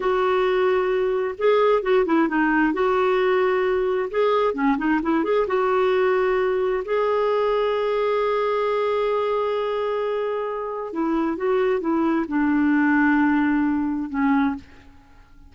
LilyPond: \new Staff \with { instrumentName = "clarinet" } { \time 4/4 \tempo 4 = 132 fis'2. gis'4 | fis'8 e'8 dis'4 fis'2~ | fis'4 gis'4 cis'8 dis'8 e'8 gis'8 | fis'2. gis'4~ |
gis'1~ | gis'1 | e'4 fis'4 e'4 d'4~ | d'2. cis'4 | }